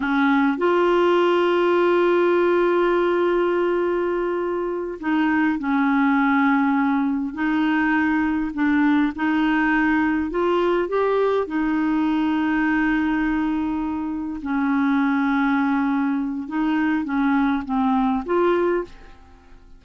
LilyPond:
\new Staff \with { instrumentName = "clarinet" } { \time 4/4 \tempo 4 = 102 cis'4 f'2.~ | f'1~ | f'8 dis'4 cis'2~ cis'8~ | cis'8 dis'2 d'4 dis'8~ |
dis'4. f'4 g'4 dis'8~ | dis'1~ | dis'8 cis'2.~ cis'8 | dis'4 cis'4 c'4 f'4 | }